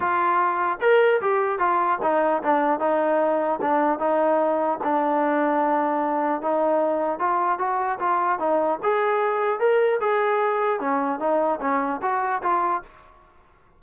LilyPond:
\new Staff \with { instrumentName = "trombone" } { \time 4/4 \tempo 4 = 150 f'2 ais'4 g'4 | f'4 dis'4 d'4 dis'4~ | dis'4 d'4 dis'2 | d'1 |
dis'2 f'4 fis'4 | f'4 dis'4 gis'2 | ais'4 gis'2 cis'4 | dis'4 cis'4 fis'4 f'4 | }